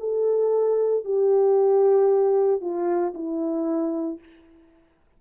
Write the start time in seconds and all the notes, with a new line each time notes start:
0.00 A4
1.05 G4
2.61 F4
3.14 E4